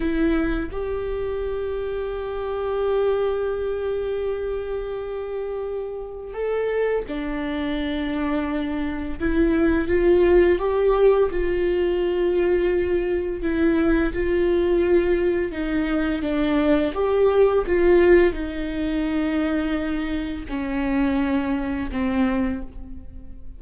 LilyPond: \new Staff \with { instrumentName = "viola" } { \time 4/4 \tempo 4 = 85 e'4 g'2.~ | g'1~ | g'4 a'4 d'2~ | d'4 e'4 f'4 g'4 |
f'2. e'4 | f'2 dis'4 d'4 | g'4 f'4 dis'2~ | dis'4 cis'2 c'4 | }